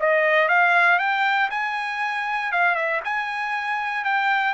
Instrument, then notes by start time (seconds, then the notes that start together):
trumpet
0.00 D#5
0.48 F5
0.98 G5
1.50 G#5
2.52 F5
2.75 E5
3.04 G#5
4.04 G5